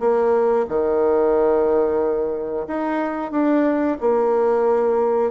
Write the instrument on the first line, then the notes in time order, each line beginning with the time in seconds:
bassoon
0.00 A#3
0.69 D#3
2.68 D#4
3.32 D4
4.01 A#3